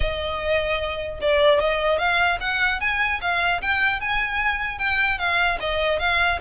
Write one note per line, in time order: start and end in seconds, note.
0.00 1.19 D#5
1.21 1.59 D5
1.59 1.98 D#5
1.98 2.38 F5
2.40 2.80 F#5
2.80 3.20 G#5
3.21 3.61 F5
3.61 4.00 G5
4.00 4.78 G#5
4.78 5.18 G5
5.18 5.58 F5
5.60 5.99 D#5
5.99 6.39 F5